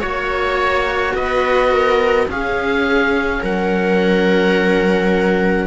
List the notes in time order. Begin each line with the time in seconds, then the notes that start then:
0.00 A#3 F#4 C#5
1.14 B3 B4 D#5
1.72 A#4
2.27 C#4 G#4 F5
3.42 F#3 A#4 F#5